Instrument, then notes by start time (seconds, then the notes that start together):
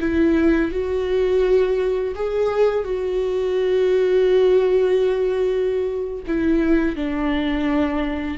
viola
0.00 E4
0.71 F#4
2.15 G#4
2.84 F#4
6.27 E4
6.96 D4